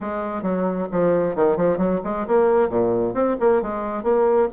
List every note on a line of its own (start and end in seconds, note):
0.00 0.42 G#3
0.42 0.87 F#3
0.91 1.35 F3
1.35 1.56 D#3
1.56 1.77 F3
1.77 2.00 F#3
2.04 2.26 G#3
2.27 2.69 A#3
2.69 3.14 A#2
3.14 3.36 C4
3.40 3.62 A#3
3.62 4.03 G#3
4.03 4.48 A#3